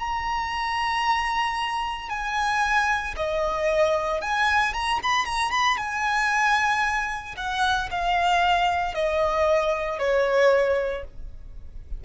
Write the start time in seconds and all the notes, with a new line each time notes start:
0.00 A#5
2.10 G#5
3.17 D#5
4.22 G#5
4.74 A#5
5.03 B5
5.26 A#5
5.52 B5
5.78 G#5
7.37 F#5
7.91 F5
8.95 D#5
9.99 C#5